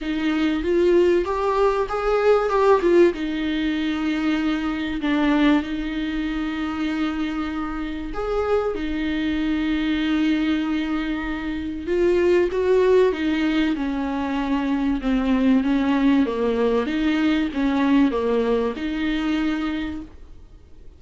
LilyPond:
\new Staff \with { instrumentName = "viola" } { \time 4/4 \tempo 4 = 96 dis'4 f'4 g'4 gis'4 | g'8 f'8 dis'2. | d'4 dis'2.~ | dis'4 gis'4 dis'2~ |
dis'2. f'4 | fis'4 dis'4 cis'2 | c'4 cis'4 ais4 dis'4 | cis'4 ais4 dis'2 | }